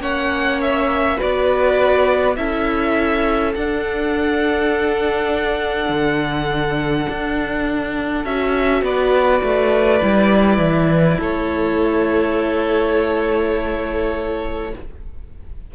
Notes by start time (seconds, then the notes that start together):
0.00 A#3 C#4 C#5 F#5
0.62 E5
1.17 F#4 B4 D5
1.24 B3
2.36 C#4 E4 A4 E5
3.56 D4 F#5
5.89 D3
7.10 D4
8.25 C#4 F#4 E5
8.82 B3 B4 D5
9.43 A3
10.01 G3 E4
10.58 E3
11.18 A3 A4 C#5